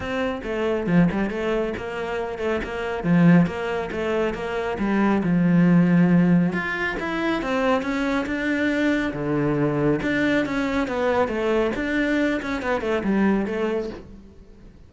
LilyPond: \new Staff \with { instrumentName = "cello" } { \time 4/4 \tempo 4 = 138 c'4 a4 f8 g8 a4 | ais4. a8 ais4 f4 | ais4 a4 ais4 g4 | f2. f'4 |
e'4 c'4 cis'4 d'4~ | d'4 d2 d'4 | cis'4 b4 a4 d'4~ | d'8 cis'8 b8 a8 g4 a4 | }